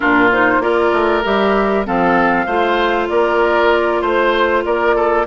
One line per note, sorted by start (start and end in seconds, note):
0.00 0.59 A#2
0.00 0.29 D4
0.00 0.62 F4
0.00 0.31 A#4
0.32 0.61 D#4
0.32 0.62 C5
0.59 0.90 A#3
0.59 1.23 F4
0.59 1.86 A#4
0.59 1.24 D5
0.92 1.23 A3
1.23 1.87 G3
1.23 1.85 G4
1.23 1.86 E5
1.85 2.46 F3
1.85 2.46 C4
1.85 2.46 A4
1.85 3.08 F5
2.46 3.08 A3
2.46 5.25 F4
2.46 3.08 C5
3.08 4.01 A#3
3.08 4.01 A#4
3.08 4.01 D5
4.01 4.63 A3
4.01 4.63 C5
4.64 5.26 A#3
4.64 4.95 A#4
4.64 5.26 D5
4.95 5.26 A4